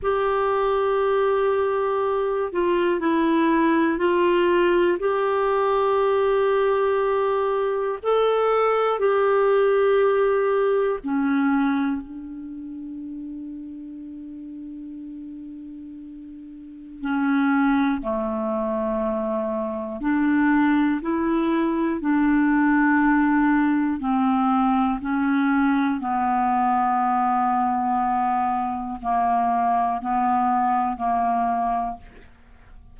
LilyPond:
\new Staff \with { instrumentName = "clarinet" } { \time 4/4 \tempo 4 = 60 g'2~ g'8 f'8 e'4 | f'4 g'2. | a'4 g'2 cis'4 | d'1~ |
d'4 cis'4 a2 | d'4 e'4 d'2 | c'4 cis'4 b2~ | b4 ais4 b4 ais4 | }